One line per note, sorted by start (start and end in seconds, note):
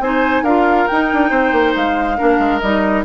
0.00 0.43 C4
0.00 0.47 D#4
0.00 0.43 C5
0.00 0.44 G#5
0.43 0.86 D4
0.43 0.90 F4
0.43 1.30 A#4
0.43 0.88 F5
0.88 2.18 D#4
0.88 1.14 D#4
0.88 1.75 G5
1.14 1.31 D4
1.30 1.52 C4
1.30 2.17 C5
1.52 1.74 A#3
1.76 2.20 G#3
1.76 2.60 F5
2.18 2.39 A#3
2.18 2.61 D4
2.18 3.05 A#4
2.39 2.61 G#3
2.60 3.06 G3
2.60 3.06 D#4
2.60 3.04 D#5